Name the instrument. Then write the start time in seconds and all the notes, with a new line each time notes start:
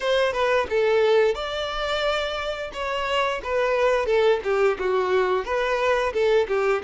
violin
0.00 C5
0.32 B4
0.69 A4
1.35 D5
2.73 C#5
3.43 B4
4.06 A4
4.43 G4
4.78 F#4
5.44 B4
6.13 A4
6.48 G4